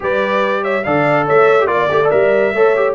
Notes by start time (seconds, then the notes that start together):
0.00 G3 G4 B4 D5
0.62 C#5 E5
0.84 D3 A4 D5 F5
1.25 A3 C#5 E5
1.59 G4
1.66 A#3 F4 D5
1.89 A3 G4
2.04 A4
2.10 G3 A#4 E5
2.53 A3 A4 C#5
2.76 G4